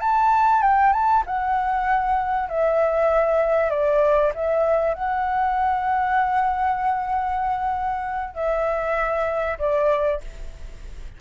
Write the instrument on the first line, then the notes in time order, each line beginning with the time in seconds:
flute
0.00 A5
0.62 G5
0.93 A5
1.26 F#5
2.49 E5
3.70 D5
4.35 E5
4.94 F#5
8.34 E5
9.59 D5